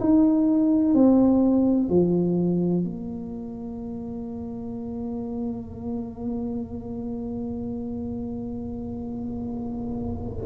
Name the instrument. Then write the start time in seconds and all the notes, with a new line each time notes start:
tuba
0.00 D#4
0.94 C4
1.90 F3
2.84 A#3